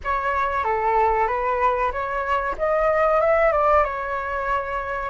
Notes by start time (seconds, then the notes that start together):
0.03 C#5
0.64 A4
1.27 B4
1.91 C#5
2.58 D#5
3.20 E5
3.52 D5
3.84 C#5